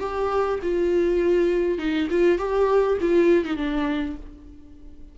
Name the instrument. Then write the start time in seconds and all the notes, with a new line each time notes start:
viola
0.00 G4
0.63 F4
1.78 D#4
2.11 F4
2.39 G4
3.01 F4
3.45 D#4
3.57 D4